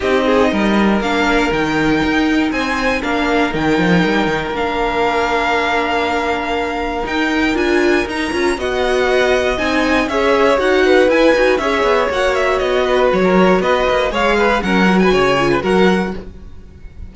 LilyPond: <<
  \new Staff \with { instrumentName = "violin" } { \time 4/4 \tempo 4 = 119 dis''2 f''4 g''4~ | g''4 gis''4 f''4 g''4~ | g''4 f''2.~ | f''2 g''4 gis''4 |
ais''4 fis''2 gis''4 | e''4 fis''4 gis''4 e''4 | fis''8 e''8 dis''4 cis''4 dis''4 | f''4 fis''8. gis''4~ gis''16 fis''4 | }
  \new Staff \with { instrumentName = "violin" } { \time 4/4 g'8 gis'8 ais'2.~ | ais'4 c''4 ais'2~ | ais'1~ | ais'1~ |
ais'4 dis''2. | cis''4. b'4. cis''4~ | cis''4. b'8. ais'8. b'4 | cis''8 b'8 ais'8. b'16 cis''8. b'16 ais'4 | }
  \new Staff \with { instrumentName = "viola" } { \time 4/4 dis'2 d'4 dis'4~ | dis'2 d'4 dis'4~ | dis'4 d'2.~ | d'2 dis'4 f'4 |
dis'8 f'8 fis'2 dis'4 | gis'4 fis'4 e'8 fis'8 gis'4 | fis'1 | gis'4 cis'8 fis'4 f'8 fis'4 | }
  \new Staff \with { instrumentName = "cello" } { \time 4/4 c'4 g4 ais4 dis4 | dis'4 c'4 ais4 dis8 f8 | g8 dis8 ais2.~ | ais2 dis'4 d'4 |
dis'8 cis'8 b2 c'4 | cis'4 dis'4 e'8 dis'8 cis'8 b8 | ais4 b4 fis4 b8 ais8 | gis4 fis4 cis4 fis4 | }
>>